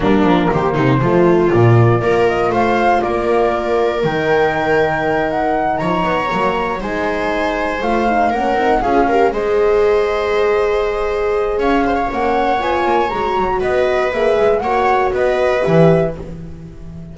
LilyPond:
<<
  \new Staff \with { instrumentName = "flute" } { \time 4/4 \tempo 4 = 119 ais'4 c''2 d''4~ | d''8 dis''8 f''4 d''2 | g''2~ g''8 fis''4 ais''8~ | ais''4. gis''2 f''8~ |
f''8 fis''4 f''4 dis''4.~ | dis''2. f''4 | fis''4 gis''4 ais''4 dis''4 | e''4 fis''4 dis''4 e''4 | }
  \new Staff \with { instrumentName = "viola" } { \time 4/4 d'4 g'8 dis'8 f'2 | ais'4 c''4 ais'2~ | ais'2.~ ais'8 cis''8~ | cis''4. c''2~ c''8~ |
c''8 ais'4 gis'8 ais'8 c''4.~ | c''2. cis''8 c''16 cis''16~ | cis''2. b'4~ | b'4 cis''4 b'2 | }
  \new Staff \with { instrumentName = "horn" } { \time 4/4 ais2 a4 ais4 | f'1 | dis'1~ | dis'8 ais4 dis'2 f'8 |
dis'8 cis'8 dis'8 f'8 g'8 gis'4.~ | gis'1 | cis'4 f'4 fis'2 | gis'4 fis'2 g'4 | }
  \new Staff \with { instrumentName = "double bass" } { \time 4/4 g8 f8 dis8 c8 f4 ais,4 | ais4 a4 ais2 | dis2.~ dis8 f8 | b8 fis4 gis2 a8~ |
a8 ais8 c'8 cis'4 gis4.~ | gis2. cis'4 | ais4 b8 ais8 gis8 fis8 b4 | ais8 gis8 ais4 b4 e4 | }
>>